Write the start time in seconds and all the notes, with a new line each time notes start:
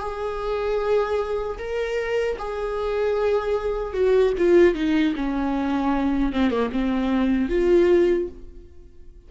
0.00 G#4
1.59 A#4
2.39 G#4
3.94 F#4
4.38 F4
4.75 D#4
5.16 C#4
6.33 C4
6.51 A#3
6.72 C4
7.49 F4